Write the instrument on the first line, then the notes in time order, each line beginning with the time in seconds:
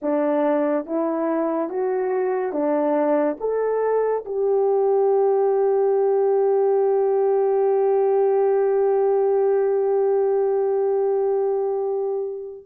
horn
0.02 D4
0.86 E4
1.69 F#4
2.52 D4
3.40 A4
4.25 G4